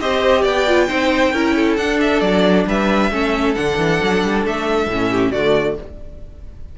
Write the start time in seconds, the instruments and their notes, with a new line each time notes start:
0.00 cello C4, viola G4, violin C5 D#5
0.42 cello B3, violin D5 G5
0.67 viola F4
0.88 cello C4, viola D#4, violin C5
1.33 cello C#4, viola E4, violin A#4
1.56 violin A4
1.77 cello D4, viola D4, violin F#5
2.01 violin E5
2.20 cello F#3, violin D5
2.67 cello G3, violin B4 E5
3.11 cello A3, viola C#4, violin A4
3.55 cello D3, viola D4, violin F#5
3.78 cello E3
4.03 cello F#3
4.24 cello G3
4.46 cello A3, violin E5
4.87 cello A2, viola C#4
5.10 violin G4
5.32 cello D3, viola A3, violin F#4 D5